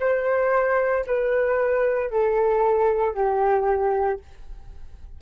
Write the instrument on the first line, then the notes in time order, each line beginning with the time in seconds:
flute
0.00 C5
1.07 B4
2.11 A4
3.14 G4